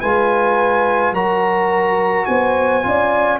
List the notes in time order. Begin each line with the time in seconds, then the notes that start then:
0.00 G#3 F4 B4 G#5
1.12 F#3 F#4 A#4 A#5
2.25 B3 C5 G#5
2.83 C#4 F4 D5